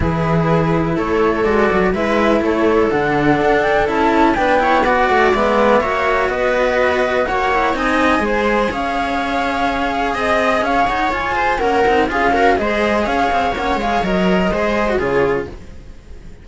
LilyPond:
<<
  \new Staff \with { instrumentName = "flute" } { \time 4/4 \tempo 4 = 124 b'2 cis''4 d''4 | e''4 cis''4 fis''4. g''8 | a''4 g''4 fis''4 e''4~ | e''4 dis''2 fis''4 |
gis''2 f''2~ | f''4 dis''4 f''8 fis''8 gis''4 | fis''4 f''4 dis''4 f''4 | fis''8 f''8 dis''2 cis''4 | }
  \new Staff \with { instrumentName = "viola" } { \time 4/4 gis'2 a'2 | b'4 a'2.~ | a'4 b'8 cis''8 d''2 | cis''4 b'2 cis''4 |
dis''4 c''4 cis''2~ | cis''4 dis''4 cis''4. c''8 | ais'4 gis'8 ais'8 c''4 cis''4~ | cis''2 c''4 gis'4 | }
  \new Staff \with { instrumentName = "cello" } { \time 4/4 e'2. fis'4 | e'2 d'2 | e'4 d'8 e'8 fis'4 b4 | fis'2.~ fis'8 e'8 |
dis'4 gis'2.~ | gis'1 | cis'8 dis'8 f'8 fis'8 gis'2 | cis'8 gis'8 ais'4 gis'8. fis'16 f'4 | }
  \new Staff \with { instrumentName = "cello" } { \time 4/4 e2 a4 gis8 fis8 | gis4 a4 d4 d'4 | cis'4 b4. a8 gis4 | ais4 b2 ais4 |
c'4 gis4 cis'2~ | cis'4 c'4 cis'8 dis'8 f'4 | ais8 c'8 cis'4 gis4 cis'8 c'8 | ais8 gis8 fis4 gis4 cis4 | }
>>